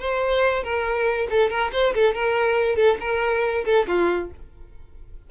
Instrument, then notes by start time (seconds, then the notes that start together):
violin
0.00 C5
0.64 A#4
1.31 A4
1.50 A#4
1.73 C5
1.95 A4
2.15 A#4
2.76 A4
3.01 A#4
3.65 A4
3.88 F4